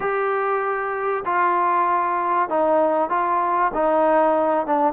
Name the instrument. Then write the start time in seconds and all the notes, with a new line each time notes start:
trombone
0.00 G4
1.25 F4
2.49 D#4
3.09 F4
3.74 D#4
4.66 D4